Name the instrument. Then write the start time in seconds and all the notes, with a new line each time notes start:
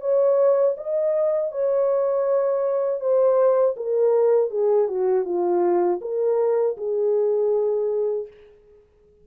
horn
0.00 C#5
0.77 D#5
1.51 C#5
3.00 C5
3.76 A#4
4.50 G#4
4.88 F#4
5.25 F4
6.01 A#4
6.77 G#4